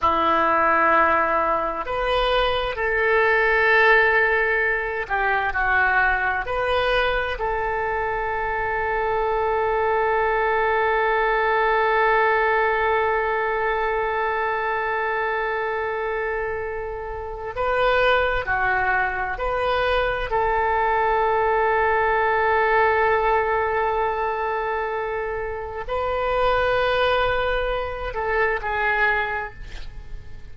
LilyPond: \new Staff \with { instrumentName = "oboe" } { \time 4/4 \tempo 4 = 65 e'2 b'4 a'4~ | a'4. g'8 fis'4 b'4 | a'1~ | a'1~ |
a'2. b'4 | fis'4 b'4 a'2~ | a'1 | b'2~ b'8 a'8 gis'4 | }